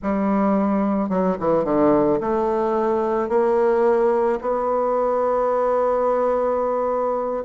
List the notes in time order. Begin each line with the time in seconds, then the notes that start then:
0.02 G3
1.09 F#3
1.39 E3
1.64 D3
2.20 A3
3.29 A#3
4.41 B3